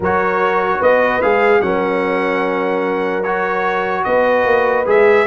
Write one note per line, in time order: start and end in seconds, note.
0.00 0.76 F#3
0.00 1.22 F#4
0.00 0.79 A#4
0.00 0.82 C#5
0.79 1.22 B3
0.79 1.60 B4
0.79 1.21 D#5
1.21 1.61 G#3
1.21 1.62 G#4
1.21 1.61 F5
1.61 4.04 F#3
1.61 3.24 C#4
1.61 4.05 A#4
1.61 3.23 F#5
3.23 4.85 F#4
3.23 4.03 C#5
4.03 4.45 B3
4.03 5.27 B4
4.03 4.85 D#5
4.45 4.85 A#3
4.85 5.27 G#3
4.85 5.26 G#4
4.85 5.27 E5